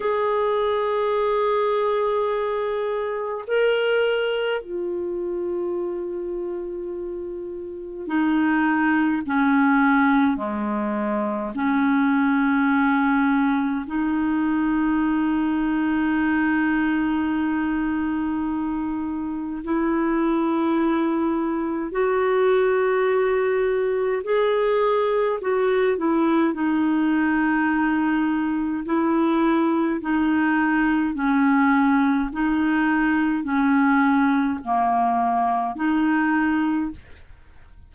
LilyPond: \new Staff \with { instrumentName = "clarinet" } { \time 4/4 \tempo 4 = 52 gis'2. ais'4 | f'2. dis'4 | cis'4 gis4 cis'2 | dis'1~ |
dis'4 e'2 fis'4~ | fis'4 gis'4 fis'8 e'8 dis'4~ | dis'4 e'4 dis'4 cis'4 | dis'4 cis'4 ais4 dis'4 | }